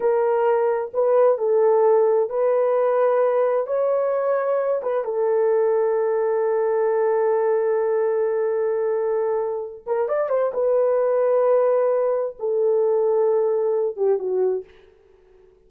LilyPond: \new Staff \with { instrumentName = "horn" } { \time 4/4 \tempo 4 = 131 ais'2 b'4 a'4~ | a'4 b'2. | cis''2~ cis''8 b'8 a'4~ | a'1~ |
a'1~ | a'4. ais'8 d''8 c''8 b'4~ | b'2. a'4~ | a'2~ a'8 g'8 fis'4 | }